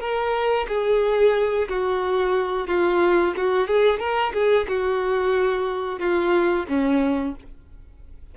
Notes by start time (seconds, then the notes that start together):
0.00 A#4
0.68 G#4
1.69 F#4
2.68 F4
3.37 F#4
3.68 G#4
3.99 A#4
4.33 G#4
4.68 F#4
5.99 F4
6.68 C#4